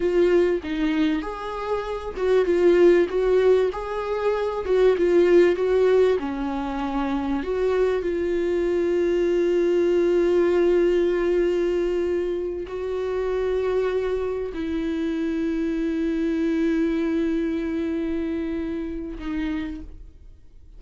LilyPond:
\new Staff \with { instrumentName = "viola" } { \time 4/4 \tempo 4 = 97 f'4 dis'4 gis'4. fis'8 | f'4 fis'4 gis'4. fis'8 | f'4 fis'4 cis'2 | fis'4 f'2.~ |
f'1~ | f'8 fis'2. e'8~ | e'1~ | e'2. dis'4 | }